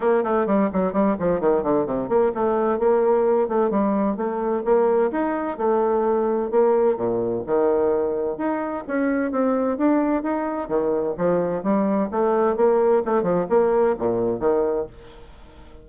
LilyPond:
\new Staff \with { instrumentName = "bassoon" } { \time 4/4 \tempo 4 = 129 ais8 a8 g8 fis8 g8 f8 dis8 d8 | c8 ais8 a4 ais4. a8 | g4 a4 ais4 dis'4 | a2 ais4 ais,4 |
dis2 dis'4 cis'4 | c'4 d'4 dis'4 dis4 | f4 g4 a4 ais4 | a8 f8 ais4 ais,4 dis4 | }